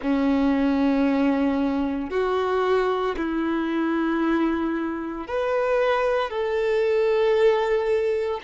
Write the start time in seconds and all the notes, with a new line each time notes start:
0.02 C#4
2.10 F#4
3.16 E4
5.27 B4
6.30 A4